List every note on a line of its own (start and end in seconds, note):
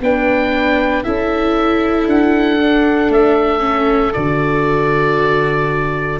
0.00 1.03 B3
0.00 1.04 D4
0.00 1.03 B4
0.00 1.03 G5
1.03 2.06 C#4
1.03 2.59 E4
1.03 6.19 A4
1.03 2.07 E5
2.06 3.09 D4
2.06 3.12 F#5
2.59 3.59 D4
3.09 4.12 A3
3.09 4.13 E5
3.59 4.10 C#4
4.13 6.19 D3
4.13 6.19 F#4
4.13 6.19 D5